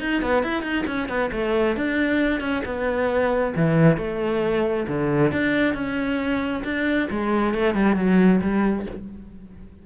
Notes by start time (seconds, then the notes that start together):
0.00 D#4
0.22 B3
0.43 E4
0.63 D#4
0.87 C#4
1.08 B3
1.32 A3
1.76 D4
2.40 C#4
2.65 B3
3.56 E3
3.97 A3
4.88 D3
5.32 D4
5.74 C#4
6.64 D4
7.10 G#3
7.54 A3
7.74 G3
7.96 F#3
8.42 G3